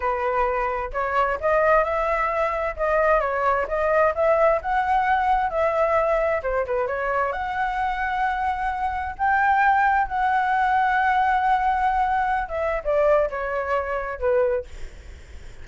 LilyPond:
\new Staff \with { instrumentName = "flute" } { \time 4/4 \tempo 4 = 131 b'2 cis''4 dis''4 | e''2 dis''4 cis''4 | dis''4 e''4 fis''2 | e''2 c''8 b'8 cis''4 |
fis''1 | g''2 fis''2~ | fis''2.~ fis''16 e''8. | d''4 cis''2 b'4 | }